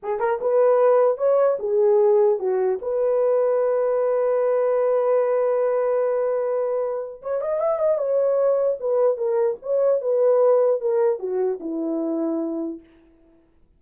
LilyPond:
\new Staff \with { instrumentName = "horn" } { \time 4/4 \tempo 4 = 150 gis'8 ais'8 b'2 cis''4 | gis'2 fis'4 b'4~ | b'1~ | b'1~ |
b'2 cis''8 dis''8 e''8 dis''8 | cis''2 b'4 ais'4 | cis''4 b'2 ais'4 | fis'4 e'2. | }